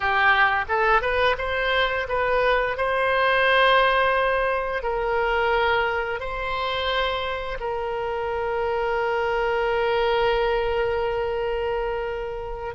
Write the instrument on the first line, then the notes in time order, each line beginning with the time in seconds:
oboe
0.00 G4
0.68 A4
1.01 B4
1.38 C5
2.08 B4
2.77 C5
4.82 A#4
6.20 C5
7.60 A#4